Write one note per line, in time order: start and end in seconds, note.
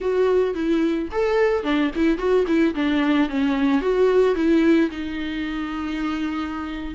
0.00 0.54 F#4
0.54 1.08 E4
1.11 1.63 A4
1.63 1.90 D4
1.95 2.17 E4
2.17 2.45 F#4
2.47 2.74 E4
2.74 3.29 D4
3.29 3.81 C#4
3.81 4.35 F#4
4.35 4.90 E4
4.90 6.94 D#4